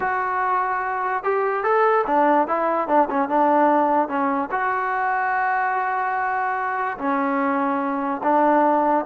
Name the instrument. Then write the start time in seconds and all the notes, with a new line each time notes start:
trombone
0.00 F#4
1.23 G4
1.63 A4
2.06 D4
2.47 E4
2.87 D4
3.10 C#4
3.28 D4
4.08 C#4
4.51 F#4
6.98 C#4
8.23 D4